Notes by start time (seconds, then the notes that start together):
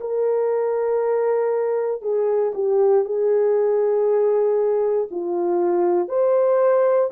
0.00 A#4
2.02 G#4
2.54 G4
3.05 G#4
5.10 F4
6.08 C5